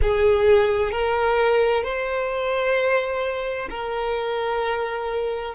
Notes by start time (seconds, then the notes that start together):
0.02 G#4
0.91 A#4
1.83 C5
3.70 A#4